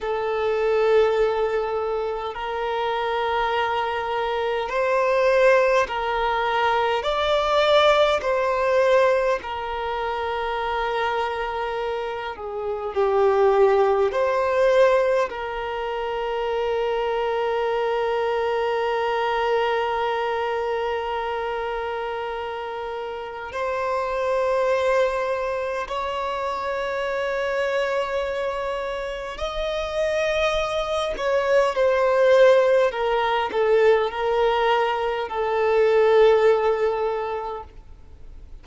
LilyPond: \new Staff \with { instrumentName = "violin" } { \time 4/4 \tempo 4 = 51 a'2 ais'2 | c''4 ais'4 d''4 c''4 | ais'2~ ais'8 gis'8 g'4 | c''4 ais'2.~ |
ais'1 | c''2 cis''2~ | cis''4 dis''4. cis''8 c''4 | ais'8 a'8 ais'4 a'2 | }